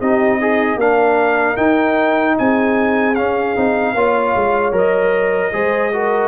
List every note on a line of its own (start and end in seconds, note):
0.00 0.76 C4
0.00 0.41 D#4
0.00 0.37 G4
0.00 0.79 D#5
0.37 0.77 D#4
0.37 0.80 G#4
0.76 1.55 A#3
0.76 1.57 D4
0.76 2.35 A#4
0.76 1.57 F5
1.57 3.15 D#4
1.57 2.36 D#4
1.57 2.36 G5
2.38 3.16 C4
2.38 3.94 G#4
2.38 3.15 G#5
3.15 3.55 C#4
3.15 3.56 C#4
3.15 4.73 F5
3.56 3.95 C4
3.56 3.95 D#4
3.94 4.34 A#3
3.94 4.72 F4
3.94 5.52 C#5
4.35 4.72 G#3
4.72 5.51 F#3
4.72 5.51 A#4
4.72 6.28 D#5
5.53 6.28 G#3
5.53 5.92 G#4
5.53 5.93 C5
5.92 6.28 F#4
5.92 6.28 A#4